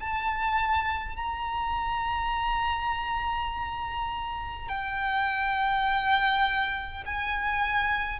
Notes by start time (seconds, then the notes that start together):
0.00 A5
1.16 A#5
4.68 G5
7.05 G#5